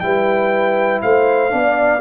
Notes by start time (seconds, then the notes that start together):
0.00 G3 E4 B4 G5
1.02 A3 C5 F5
1.50 B3 D4 D5